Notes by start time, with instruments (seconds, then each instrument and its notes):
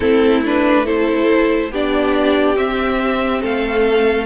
0.00 cello A3, viola C4, violin E4 A4
0.45 viola D4, violin B4
0.85 viola E4, violin A4 C5
1.71 cello B3, viola D4, violin G4 D5
2.56 viola C4, cello C4, violin E5
3.41 cello A3, violin A4 F5